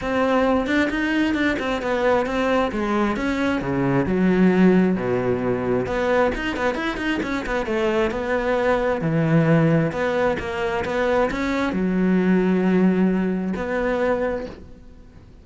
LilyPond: \new Staff \with { instrumentName = "cello" } { \time 4/4 \tempo 4 = 133 c'4. d'8 dis'4 d'8 c'8 | b4 c'4 gis4 cis'4 | cis4 fis2 b,4~ | b,4 b4 dis'8 b8 e'8 dis'8 |
cis'8 b8 a4 b2 | e2 b4 ais4 | b4 cis'4 fis2~ | fis2 b2 | }